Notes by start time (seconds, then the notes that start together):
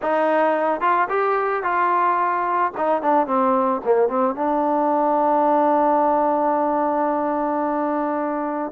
0.02 D#4
0.80 F4
1.09 G4
1.63 F4
2.77 D#4
3.02 D4
3.26 C4
3.84 A#3
4.08 C4
4.35 D4